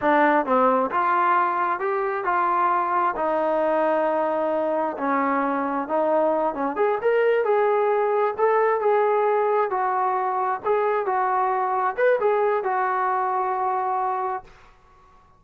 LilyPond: \new Staff \with { instrumentName = "trombone" } { \time 4/4 \tempo 4 = 133 d'4 c'4 f'2 | g'4 f'2 dis'4~ | dis'2. cis'4~ | cis'4 dis'4. cis'8 gis'8 ais'8~ |
ais'8 gis'2 a'4 gis'8~ | gis'4. fis'2 gis'8~ | gis'8 fis'2 b'8 gis'4 | fis'1 | }